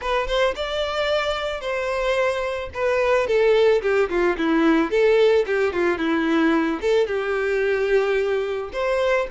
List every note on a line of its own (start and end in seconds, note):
0.01 0.27 B4
0.27 0.54 C5
0.55 1.60 D5
1.60 2.69 C5
2.73 3.27 B4
3.27 3.81 A4
3.82 4.09 G4
4.09 4.36 F4
4.37 4.90 E4
4.90 5.45 A4
5.46 5.72 G4
5.72 5.98 F4
5.98 6.80 E4
6.81 7.06 A4
7.06 8.70 G4
8.72 9.27 C5